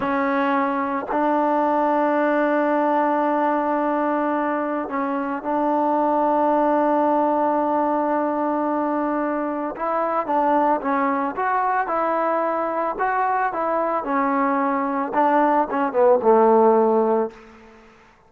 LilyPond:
\new Staff \with { instrumentName = "trombone" } { \time 4/4 \tempo 4 = 111 cis'2 d'2~ | d'1~ | d'4 cis'4 d'2~ | d'1~ |
d'2 e'4 d'4 | cis'4 fis'4 e'2 | fis'4 e'4 cis'2 | d'4 cis'8 b8 a2 | }